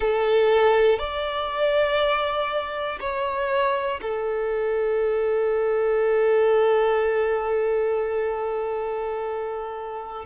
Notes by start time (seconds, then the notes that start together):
0.00 A4
0.98 D5
3.00 C#5
4.01 A4